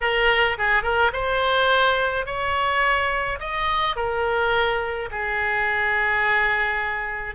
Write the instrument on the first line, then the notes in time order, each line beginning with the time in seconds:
oboe
0.00 A#4
0.57 G#4
0.82 A#4
1.12 C5
2.26 C#5
3.39 D#5
3.96 A#4
5.11 G#4